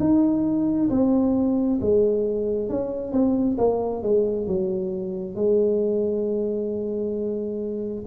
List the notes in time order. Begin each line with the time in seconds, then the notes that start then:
0.00 D#4
0.90 C4
1.82 G#3
2.69 C#4
3.13 C4
3.58 A#3
4.03 G#3
4.47 F#3
5.36 G#3